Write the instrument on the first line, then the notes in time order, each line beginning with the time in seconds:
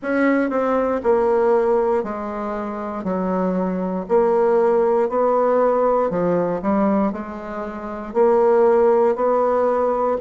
bassoon
0.02 C#4
0.50 C4
1.03 A#3
2.03 G#3
3.04 F#3
4.08 A#3
5.08 B3
6.10 F3
6.61 G3
7.12 G#3
8.14 A#3
9.15 B3